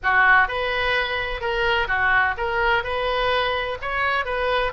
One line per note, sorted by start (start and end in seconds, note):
0.03 0.47 F#4
0.47 1.40 B4
1.40 1.87 A#4
1.87 2.35 F#4
2.37 2.83 A#4
2.83 3.78 B4
3.81 4.25 C#5
4.25 4.72 B4